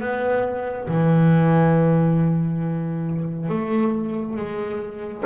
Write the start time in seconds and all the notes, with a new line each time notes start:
0.00 B3
0.88 E3
3.49 A3
4.36 G#3